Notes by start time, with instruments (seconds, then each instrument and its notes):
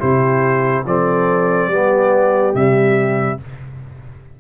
0.00 tuba C3, trombone E4, horn G4, trumpet C5
0.86 tuba F3, trombone C4, horn A4, trumpet D5
1.68 tuba G3, trombone B3, horn G4
2.54 tuba C3, trombone G3, trumpet E5